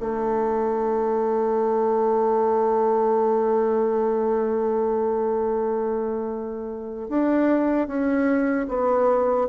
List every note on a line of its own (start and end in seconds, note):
0.00 7.09 A3
7.09 7.88 D4
7.88 8.67 C#4
8.68 9.47 B3